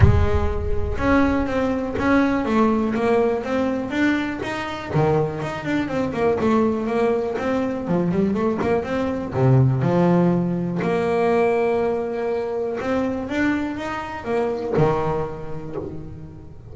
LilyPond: \new Staff \with { instrumentName = "double bass" } { \time 4/4 \tempo 4 = 122 gis2 cis'4 c'4 | cis'4 a4 ais4 c'4 | d'4 dis'4 dis4 dis'8 d'8 | c'8 ais8 a4 ais4 c'4 |
f8 g8 a8 ais8 c'4 c4 | f2 ais2~ | ais2 c'4 d'4 | dis'4 ais4 dis2 | }